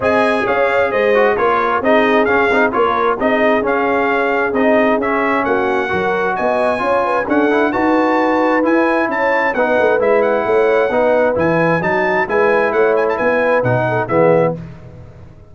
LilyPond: <<
  \new Staff \with { instrumentName = "trumpet" } { \time 4/4 \tempo 4 = 132 gis''4 f''4 dis''4 cis''4 | dis''4 f''4 cis''4 dis''4 | f''2 dis''4 e''4 | fis''2 gis''2 |
fis''4 a''2 gis''4 | a''4 fis''4 e''8 fis''4.~ | fis''4 gis''4 a''4 gis''4 | fis''8 gis''16 a''16 gis''4 fis''4 e''4 | }
  \new Staff \with { instrumentName = "horn" } { \time 4/4 dis''4 cis''4 c''4 ais'4 | gis'2 ais'4 gis'4~ | gis'1 | fis'4 ais'4 dis''4 cis''8 b'8 |
a'4 b'2. | cis''4 b'2 cis''4 | b'2 fis'4 b'4 | cis''4 b'4. a'8 gis'4 | }
  \new Staff \with { instrumentName = "trombone" } { \time 4/4 gis'2~ gis'8 fis'8 f'4 | dis'4 cis'8 dis'8 f'4 dis'4 | cis'2 dis'4 cis'4~ | cis'4 fis'2 f'4 |
cis'8 e'8 fis'2 e'4~ | e'4 dis'4 e'2 | dis'4 e'4 dis'4 e'4~ | e'2 dis'4 b4 | }
  \new Staff \with { instrumentName = "tuba" } { \time 4/4 c'4 cis'4 gis4 ais4 | c'4 cis'8 c'8 ais4 c'4 | cis'2 c'4 cis'4 | ais4 fis4 b4 cis'4 |
d'4 dis'2 e'4 | cis'4 b8 a8 gis4 a4 | b4 e4 fis4 gis4 | a4 b4 b,4 e4 | }
>>